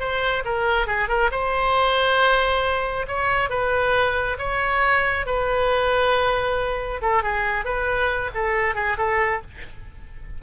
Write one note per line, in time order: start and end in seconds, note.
0.00 0.44 C5
0.45 0.87 A#4
0.87 1.09 G#4
1.09 1.31 A#4
1.32 3.07 C5
3.08 3.50 C#5
3.50 4.38 B4
4.39 5.27 C#5
5.27 7.02 B4
7.02 7.23 A4
7.23 7.65 G#4
7.65 8.31 B4
8.35 8.75 A4
8.75 8.97 G#4
8.98 9.42 A4